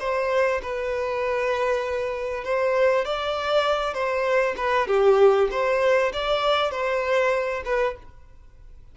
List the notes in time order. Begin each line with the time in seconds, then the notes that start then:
0.00 C5
0.62 B4
2.45 C5
3.05 D5
3.94 C5
4.57 B4
4.88 G4
5.51 C5
6.13 D5
6.71 C5
7.65 B4